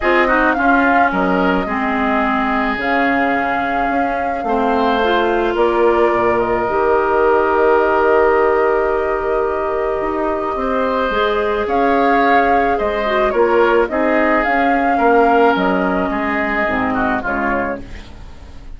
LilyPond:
<<
  \new Staff \with { instrumentName = "flute" } { \time 4/4 \tempo 4 = 108 dis''4 f''4 dis''2~ | dis''4 f''2.~ | f''2 d''4. dis''8~ | dis''1~ |
dis''1~ | dis''4 f''2 dis''4 | cis''4 dis''4 f''2 | dis''2. cis''4 | }
  \new Staff \with { instrumentName = "oboe" } { \time 4/4 gis'8 fis'8 f'4 ais'4 gis'4~ | gis'1 | c''2 ais'2~ | ais'1~ |
ais'2. c''4~ | c''4 cis''2 c''4 | ais'4 gis'2 ais'4~ | ais'4 gis'4. fis'8 f'4 | }
  \new Staff \with { instrumentName = "clarinet" } { \time 4/4 f'8 dis'8 cis'2 c'4~ | c'4 cis'2. | c'4 f'2. | g'1~ |
g'1 | gis'2.~ gis'8 fis'8 | f'4 dis'4 cis'2~ | cis'2 c'4 gis4 | }
  \new Staff \with { instrumentName = "bassoon" } { \time 4/4 c'4 cis'4 fis4 gis4~ | gis4 cis2 cis'4 | a2 ais4 ais,4 | dis1~ |
dis2 dis'4 c'4 | gis4 cis'2 gis4 | ais4 c'4 cis'4 ais4 | fis4 gis4 gis,4 cis4 | }
>>